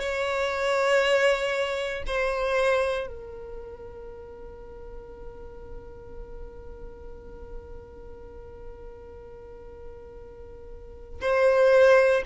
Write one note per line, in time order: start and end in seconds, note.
0.00 2.03 C#5
2.06 3.07 C5
3.07 11.20 A#4
11.21 12.23 C5